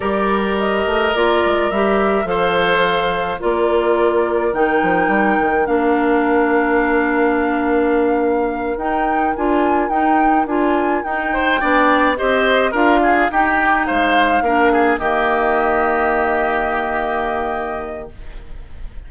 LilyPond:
<<
  \new Staff \with { instrumentName = "flute" } { \time 4/4 \tempo 4 = 106 d''4 dis''4 d''4 e''4 | f''2 d''2 | g''2 f''2~ | f''2.~ f''8 g''8~ |
g''8 gis''4 g''4 gis''4 g''8~ | g''4. dis''4 f''4 g''8~ | g''8 f''2 dis''4.~ | dis''1 | }
  \new Staff \with { instrumentName = "oboe" } { \time 4/4 ais'1 | c''2 ais'2~ | ais'1~ | ais'1~ |
ais'1 | c''8 d''4 c''4 ais'8 gis'8 g'8~ | g'8 c''4 ais'8 gis'8 g'4.~ | g'1 | }
  \new Staff \with { instrumentName = "clarinet" } { \time 4/4 g'2 f'4 g'4 | a'2 f'2 | dis'2 d'2~ | d'2.~ d'8 dis'8~ |
dis'8 f'4 dis'4 f'4 dis'8~ | dis'8 d'4 g'4 f'4 dis'8~ | dis'4. d'4 ais4.~ | ais1 | }
  \new Staff \with { instrumentName = "bassoon" } { \time 4/4 g4. a8 ais8 gis8 g4 | f2 ais2 | dis8 f8 g8 dis8 ais2~ | ais2.~ ais8 dis'8~ |
dis'8 d'4 dis'4 d'4 dis'8~ | dis'8 b4 c'4 d'4 dis'8~ | dis'8 gis4 ais4 dis4.~ | dis1 | }
>>